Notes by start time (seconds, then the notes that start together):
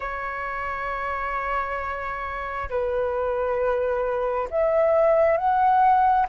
0.00 C#5
2.69 B4
4.50 E5
5.37 F#5